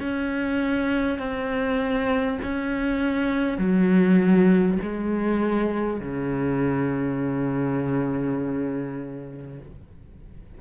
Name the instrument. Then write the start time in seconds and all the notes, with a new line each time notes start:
cello
0.00 C#4
1.18 C4
2.43 C#4
3.58 F#3
4.82 G#3
6.00 C#3